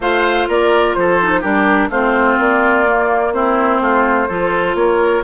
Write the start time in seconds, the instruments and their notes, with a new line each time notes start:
0.00 bassoon A3, clarinet F4, oboe C5, flute F5
0.48 bassoon A#3, oboe A#4, flute D5
0.94 bassoon F3, oboe A4, flute C5
1.21 clarinet D#4
1.41 bassoon G3, clarinet D4, oboe G4, flute A#4
1.89 bassoon A3, clarinet C4, oboe F4, flute C5
2.38 bassoon A#3, flute D5
2.87 clarinet A#3
3.33 clarinet C4, oboe E4, flute C5
3.80 bassoon A3, oboe F4
4.28 bassoon F3, clarinet F4, oboe A4
4.74 bassoon A#3, oboe A#4, flute C#5